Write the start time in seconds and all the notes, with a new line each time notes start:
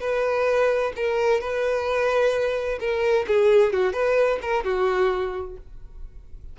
0.00 B4
0.96 A#4
1.40 B4
2.80 A#4
3.27 G#4
3.73 F#4
3.93 B4
4.42 A#4
4.64 F#4